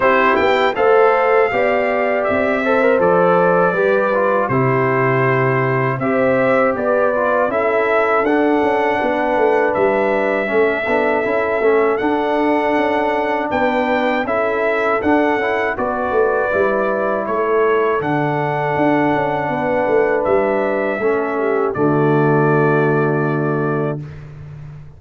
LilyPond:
<<
  \new Staff \with { instrumentName = "trumpet" } { \time 4/4 \tempo 4 = 80 c''8 g''8 f''2 e''4 | d''2 c''2 | e''4 d''4 e''4 fis''4~ | fis''4 e''2. |
fis''2 g''4 e''4 | fis''4 d''2 cis''4 | fis''2. e''4~ | e''4 d''2. | }
  \new Staff \with { instrumentName = "horn" } { \time 4/4 g'4 c''4 d''4. c''8~ | c''4 b'4 g'2 | c''4 b'4 a'2 | b'2 a'2~ |
a'2 b'4 a'4~ | a'4 b'2 a'4~ | a'2 b'2 | a'8 g'8 fis'2. | }
  \new Staff \with { instrumentName = "trombone" } { \time 4/4 e'4 a'4 g'4. a'16 ais'16 | a'4 g'8 f'8 e'2 | g'4. f'8 e'4 d'4~ | d'2 cis'8 d'8 e'8 cis'8 |
d'2. e'4 | d'8 e'8 fis'4 e'2 | d'1 | cis'4 a2. | }
  \new Staff \with { instrumentName = "tuba" } { \time 4/4 c'8 b8 a4 b4 c'4 | f4 g4 c2 | c'4 b4 cis'4 d'8 cis'8 | b8 a8 g4 a8 b8 cis'8 a8 |
d'4 cis'4 b4 cis'4 | d'8 cis'8 b8 a8 g4 a4 | d4 d'8 cis'8 b8 a8 g4 | a4 d2. | }
>>